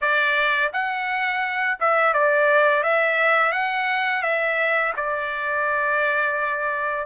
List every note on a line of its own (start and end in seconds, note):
0.01 0.72 D5
0.72 1.78 F#5
1.80 2.13 E5
2.13 2.83 D5
2.83 3.52 E5
3.52 4.22 F#5
4.22 4.93 E5
4.96 7.06 D5